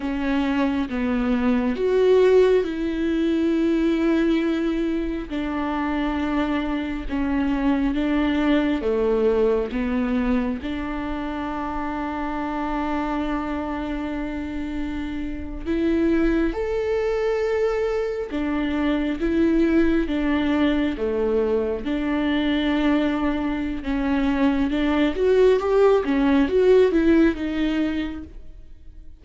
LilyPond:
\new Staff \with { instrumentName = "viola" } { \time 4/4 \tempo 4 = 68 cis'4 b4 fis'4 e'4~ | e'2 d'2 | cis'4 d'4 a4 b4 | d'1~ |
d'4.~ d'16 e'4 a'4~ a'16~ | a'8. d'4 e'4 d'4 a16~ | a8. d'2~ d'16 cis'4 | d'8 fis'8 g'8 cis'8 fis'8 e'8 dis'4 | }